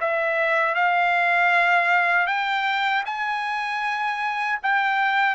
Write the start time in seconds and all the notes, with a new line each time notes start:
0.00 E5
0.74 F5
2.27 G5
3.05 G#5
4.63 G5